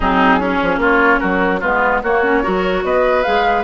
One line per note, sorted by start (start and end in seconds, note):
0.00 0.61 F#3
0.00 0.40 C4
0.00 0.39 D#4
0.00 0.82 G#4
0.39 0.79 C#4
0.39 1.62 C#4
0.62 0.77 F3
0.77 1.17 A#3
0.77 1.20 F4
0.77 1.19 C#5
1.19 1.63 F#3
1.19 1.60 F#4
1.19 1.60 A#4
1.60 2.02 G#3
1.60 2.04 B3
1.60 2.00 F4
1.60 2.02 B4
2.02 2.43 A#3
2.02 2.23 A#3
2.02 2.42 F#4
2.02 2.84 C#5
2.23 2.43 C#4
2.42 2.83 F#3
2.42 3.24 F#4
2.42 2.83 A#4
2.83 3.24 B3
2.83 3.64 B4
2.83 3.22 D#5
3.22 3.64 G#3
3.22 3.64 G#4
3.22 3.63 F5